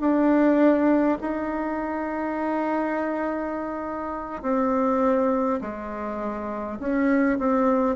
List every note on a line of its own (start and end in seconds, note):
0.00 1.18 D4
1.21 4.42 D#4
4.42 5.60 C4
5.61 6.79 G#3
6.79 7.38 C#4
7.39 7.96 C4